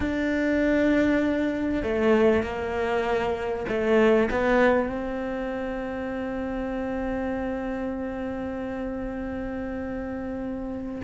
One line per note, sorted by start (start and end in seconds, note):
0.00 1.82 D4
1.82 2.43 A3
2.43 3.65 A#3
3.68 4.29 A3
4.31 4.88 B3
4.88 11.01 C4